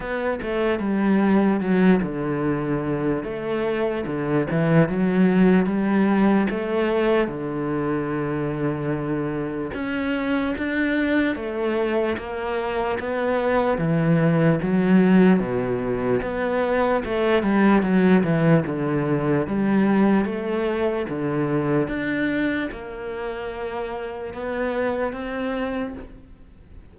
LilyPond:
\new Staff \with { instrumentName = "cello" } { \time 4/4 \tempo 4 = 74 b8 a8 g4 fis8 d4. | a4 d8 e8 fis4 g4 | a4 d2. | cis'4 d'4 a4 ais4 |
b4 e4 fis4 b,4 | b4 a8 g8 fis8 e8 d4 | g4 a4 d4 d'4 | ais2 b4 c'4 | }